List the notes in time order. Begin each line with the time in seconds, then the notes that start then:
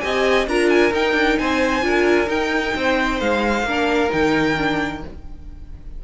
0.00 C4 G4 D#5 G#5
0.47 D4 F4 A#4 A#5
0.70 G#5
0.92 D#4 G5
1.14 D4
1.38 C4 C5 G#5
1.82 D4 F4 A#4
2.27 D#4 G5
2.75 C4 C5
3.20 G#3 F5
3.63 A#3 D4 A#4
4.09 D#3 D#4 G5
4.57 D4